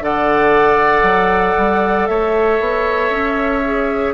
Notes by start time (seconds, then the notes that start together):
0.00 D3 A4 D5 F#5
1.02 F#3
1.58 G3
2.06 A3 C#5 E5
2.60 B3
3.10 C#4
3.64 G#4